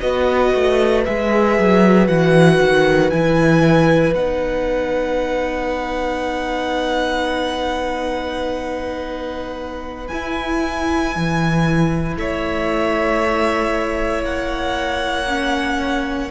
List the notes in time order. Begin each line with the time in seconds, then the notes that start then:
0.00 B3 F#4 B4 D#5
0.55 A3
1.05 G#3 G#4 E5
1.58 F#3
2.07 E3 F#4 F#5
2.60 D#3
3.10 E3 E4 G#5
4.14 B3 D#4 F#5
10.07 E4 G#5
11.15 E3
12.16 A3 C#5 E5
14.23 A#3 F#5
15.27 C#4